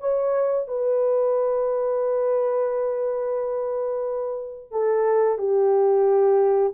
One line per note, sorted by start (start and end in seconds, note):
0.00 0.67 C#5
0.67 4.71 B4
4.71 5.38 A4
5.38 6.73 G4